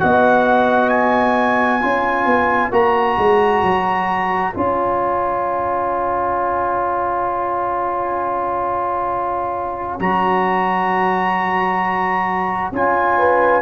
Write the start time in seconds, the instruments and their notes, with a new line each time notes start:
0.00 tuba B3, trombone F#4, horn D#5, trumpet F#5
0.89 trumpet G#5
1.81 tuba C#4, trombone F4, horn C#5
2.26 tuba B3
2.71 tuba A#3, trombone F#4, trumpet A#5
3.18 tuba G#3
3.62 tuba F#3
4.54 tuba C#4, trombone F4, trumpet G#5
10.00 tuba F#3, trombone F#4, trumpet A#5
12.72 tuba C#4, trombone F4, trumpet G#5
13.17 horn B4